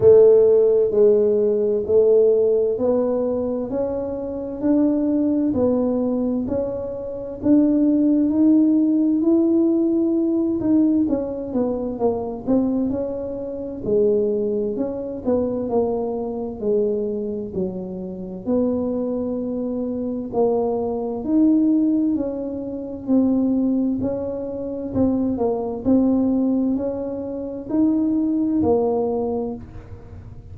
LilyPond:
\new Staff \with { instrumentName = "tuba" } { \time 4/4 \tempo 4 = 65 a4 gis4 a4 b4 | cis'4 d'4 b4 cis'4 | d'4 dis'4 e'4. dis'8 | cis'8 b8 ais8 c'8 cis'4 gis4 |
cis'8 b8 ais4 gis4 fis4 | b2 ais4 dis'4 | cis'4 c'4 cis'4 c'8 ais8 | c'4 cis'4 dis'4 ais4 | }